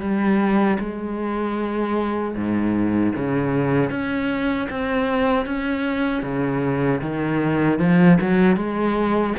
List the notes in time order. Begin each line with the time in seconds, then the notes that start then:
0.00 G3
0.79 G#3
2.35 G#2
3.16 C#3
3.90 C#4
4.70 C4
5.46 C#4
6.23 C#3
7.02 D#3
7.79 F3
8.21 F#3
8.56 G#3